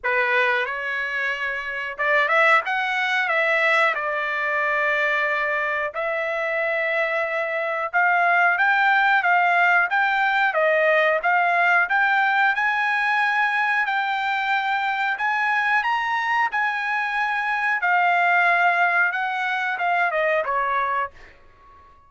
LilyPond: \new Staff \with { instrumentName = "trumpet" } { \time 4/4 \tempo 4 = 91 b'4 cis''2 d''8 e''8 | fis''4 e''4 d''2~ | d''4 e''2. | f''4 g''4 f''4 g''4 |
dis''4 f''4 g''4 gis''4~ | gis''4 g''2 gis''4 | ais''4 gis''2 f''4~ | f''4 fis''4 f''8 dis''8 cis''4 | }